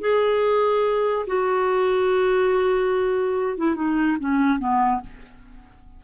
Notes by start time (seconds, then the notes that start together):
0.00 G#4
1.26 F#4
3.57 E4
3.75 D#4
4.19 C#4
4.59 B3